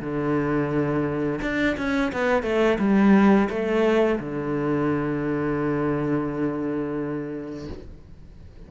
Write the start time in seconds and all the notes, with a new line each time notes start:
0.00 D3
1.41 D4
1.77 C#4
2.12 B3
2.43 A3
2.79 G3
3.49 A3
4.19 D3